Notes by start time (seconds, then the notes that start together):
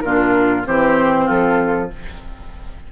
0.00 A#2 D4 F4 A#4
0.64 E3 C4 G4 C5
1.25 F3 F4 A4